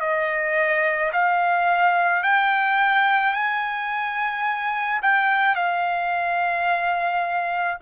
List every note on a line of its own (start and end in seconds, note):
0.00 1.11 D#5
1.13 2.23 F5
2.23 3.33 G5
3.33 5.00 G#5
5.02 5.56 G5
5.56 7.78 F5